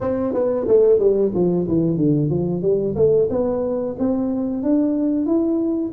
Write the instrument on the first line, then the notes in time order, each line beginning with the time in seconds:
tuba
0.00 C4
0.33 B3
0.67 A3
0.99 G3
1.34 F3
1.68 E3
1.97 D3
2.30 F3
2.61 G3
2.95 A3
3.30 B3
3.98 C4
4.62 D4
5.26 E4